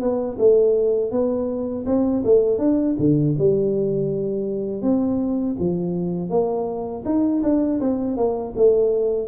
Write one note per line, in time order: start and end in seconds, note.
0.00 0.37 B3
0.38 1.11 A3
1.11 1.85 B3
1.86 2.23 C4
2.24 2.58 A3
2.58 2.95 D4
2.98 3.35 D3
3.38 4.82 G3
4.82 5.56 C4
5.59 6.29 F3
6.29 7.03 A#3
7.05 7.42 D#4
7.42 7.79 D4
7.80 8.16 C4
8.16 8.54 A#3
8.56 9.28 A3